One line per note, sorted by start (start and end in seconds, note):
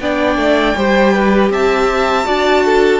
0.00 0.36 B3
0.00 0.76 D4
0.00 0.77 D5
0.00 1.52 G5
0.36 0.74 A3
0.76 1.50 G3
0.76 2.24 G4
0.76 1.14 C5
1.14 1.52 B4
1.50 2.26 C4
1.50 2.26 E5
1.50 3.00 A5
2.24 3.00 D4
2.24 3.00 F#4
2.24 2.64 D5
2.65 3.00 A4